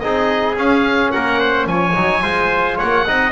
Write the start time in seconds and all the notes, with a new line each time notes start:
0.00 C4 D#4 G#4 D#5
0.56 C#4 F5
1.12 A#3 A#4 F#5
1.40 C5
1.67 F3 C#5 G#5
1.95 F#3 D#4
2.22 G#3 F4 C5
2.77 A#3 C#5 F#5
3.07 C4 D#4 D#5